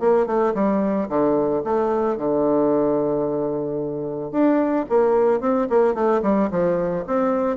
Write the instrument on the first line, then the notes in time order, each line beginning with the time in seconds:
bassoon
0.00 A#3
0.26 A3
0.54 G3
1.09 D3
1.64 A3
2.17 D3
4.31 D4
4.89 A#3
5.40 C4
5.69 A#3
5.94 A3
6.22 G3
6.51 F3
7.07 C4